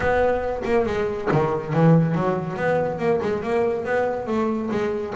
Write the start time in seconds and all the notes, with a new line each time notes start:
0.00 B3
0.64 A#3
0.86 G#3
1.31 D#3
1.73 E3
2.14 F#3
2.56 B3
2.98 A#3
3.22 G#3
3.42 A#3
3.84 B3
4.26 A3
4.70 G#3